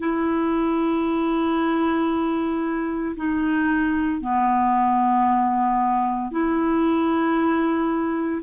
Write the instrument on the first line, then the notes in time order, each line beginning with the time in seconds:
clarinet
0.00 E4
3.17 D#4
4.22 B3
6.32 E4